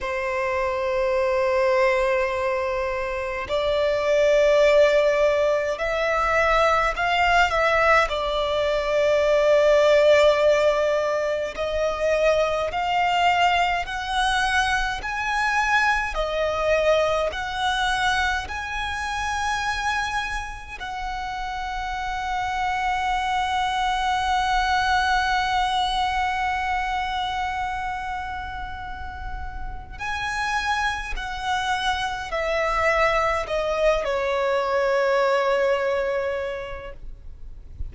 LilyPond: \new Staff \with { instrumentName = "violin" } { \time 4/4 \tempo 4 = 52 c''2. d''4~ | d''4 e''4 f''8 e''8 d''4~ | d''2 dis''4 f''4 | fis''4 gis''4 dis''4 fis''4 |
gis''2 fis''2~ | fis''1~ | fis''2 gis''4 fis''4 | e''4 dis''8 cis''2~ cis''8 | }